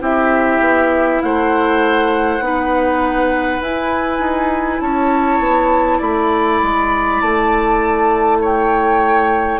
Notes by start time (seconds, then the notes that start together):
0.00 C4 E4 G4 E5
0.60 B3
1.22 A3 C5 F#5
2.40 B3 D#4 B4
3.60 E4 G#5
4.19 D#4
4.80 C#4 C#5 A5
5.39 B3
5.98 A3 D5 B5
6.62 G#3
7.21 A3 A5
8.41 C#5 G5